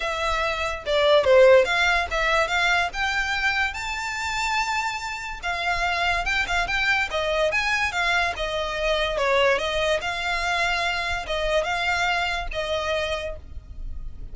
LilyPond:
\new Staff \with { instrumentName = "violin" } { \time 4/4 \tempo 4 = 144 e''2 d''4 c''4 | f''4 e''4 f''4 g''4~ | g''4 a''2.~ | a''4 f''2 g''8 f''8 |
g''4 dis''4 gis''4 f''4 | dis''2 cis''4 dis''4 | f''2. dis''4 | f''2 dis''2 | }